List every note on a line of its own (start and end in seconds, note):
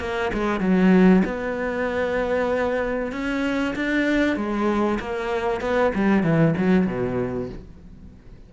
0.00 0.31 A#3
0.33 0.60 G#3
0.60 1.22 F#3
1.24 3.12 B3
3.12 3.74 C#4
3.75 4.36 D4
4.36 4.99 G#3
4.99 5.61 A#3
5.61 5.92 B3
5.95 6.23 G3
6.23 6.54 E3
6.57 6.86 F#3
6.86 7.49 B2